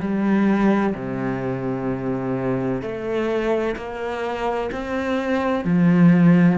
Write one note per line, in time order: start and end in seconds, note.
0.00 0.94 G3
0.94 2.81 C3
2.82 3.75 A3
3.76 4.70 A#3
4.71 5.64 C4
5.64 6.58 F3